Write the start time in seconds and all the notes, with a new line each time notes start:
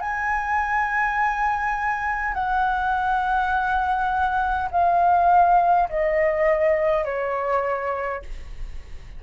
0.00 G#5
2.34 F#5
4.71 F5
5.89 D#5
7.05 C#5